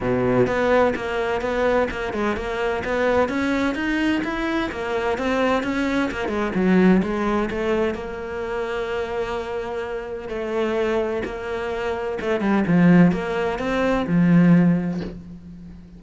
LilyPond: \new Staff \with { instrumentName = "cello" } { \time 4/4 \tempo 4 = 128 b,4 b4 ais4 b4 | ais8 gis8 ais4 b4 cis'4 | dis'4 e'4 ais4 c'4 | cis'4 ais8 gis8 fis4 gis4 |
a4 ais2.~ | ais2 a2 | ais2 a8 g8 f4 | ais4 c'4 f2 | }